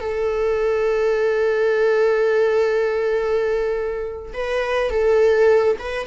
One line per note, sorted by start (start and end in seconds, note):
0.00 4.33 A4
4.33 4.90 B4
4.90 5.76 A4
5.78 6.06 B4